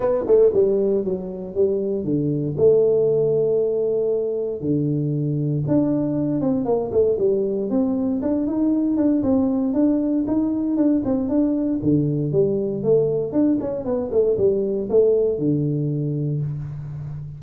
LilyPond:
\new Staff \with { instrumentName = "tuba" } { \time 4/4 \tempo 4 = 117 b8 a8 g4 fis4 g4 | d4 a2.~ | a4 d2 d'4~ | d'8 c'8 ais8 a8 g4 c'4 |
d'8 dis'4 d'8 c'4 d'4 | dis'4 d'8 c'8 d'4 d4 | g4 a4 d'8 cis'8 b8 a8 | g4 a4 d2 | }